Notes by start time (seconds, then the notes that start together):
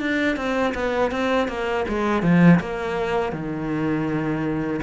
0.00 D4
0.37 C4
0.75 B3
1.11 C4
1.48 A#3
1.89 G#3
2.23 F3
2.60 A#3
3.33 D#3